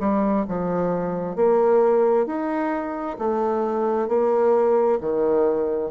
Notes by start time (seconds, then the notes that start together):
0.00 G3
0.48 F3
1.36 A#3
2.26 D#4
3.18 A3
4.08 A#3
5.00 D#3